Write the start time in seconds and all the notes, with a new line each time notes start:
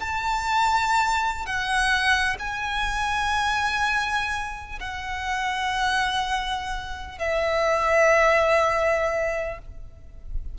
0.00 A5
1.46 F#5
2.39 G#5
4.80 F#5
7.18 E5